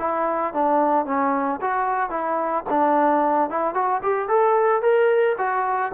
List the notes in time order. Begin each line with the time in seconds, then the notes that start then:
0.00 E4
0.54 D4
1.06 C#4
1.62 F#4
2.11 E4
2.70 D4
3.50 E4
3.75 F#4
4.03 G4
4.29 A4
4.83 A#4
5.39 F#4